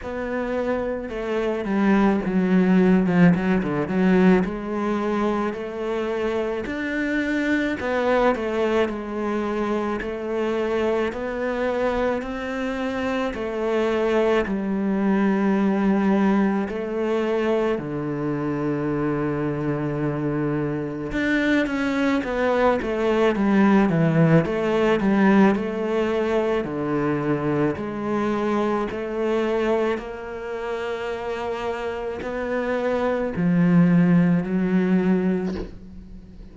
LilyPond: \new Staff \with { instrumentName = "cello" } { \time 4/4 \tempo 4 = 54 b4 a8 g8 fis8. f16 fis16 d16 fis8 | gis4 a4 d'4 b8 a8 | gis4 a4 b4 c'4 | a4 g2 a4 |
d2. d'8 cis'8 | b8 a8 g8 e8 a8 g8 a4 | d4 gis4 a4 ais4~ | ais4 b4 f4 fis4 | }